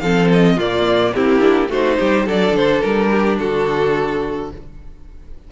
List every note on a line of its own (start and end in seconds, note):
0.00 0.57 F3
0.00 0.59 C4
0.00 0.56 A4
0.00 0.28 F5
0.33 0.59 D#5
0.56 1.13 A#2
0.56 1.15 A#3
0.56 1.12 F4
0.56 1.13 D5
1.13 1.69 A#3
1.13 1.39 C4
1.13 1.70 E4
1.13 1.70 G4
1.39 1.67 D4
1.69 1.97 A3
1.69 2.27 D#4
1.69 1.98 F#4
1.69 2.28 C5
1.98 2.27 G3
1.98 2.25 G4
2.25 2.52 F#3
2.25 4.51 D4
2.25 3.09 A4
2.25 2.56 D5
2.52 2.80 D3
2.52 2.81 C5
2.81 3.39 G3
2.81 3.37 A#4
3.11 3.39 G4
3.39 4.52 D3
3.39 4.52 F#4
3.39 4.51 A4